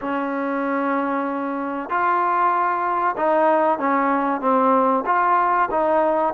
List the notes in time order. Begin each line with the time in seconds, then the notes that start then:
0.01 C#4
1.89 F4
3.16 D#4
3.79 C#4
4.40 C4
5.06 F4
5.70 D#4